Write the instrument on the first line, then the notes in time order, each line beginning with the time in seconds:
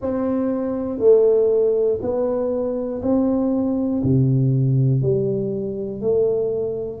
tuba
0.00 C4
0.98 A3
2.01 B3
3.02 C4
4.03 C3
5.01 G3
6.01 A3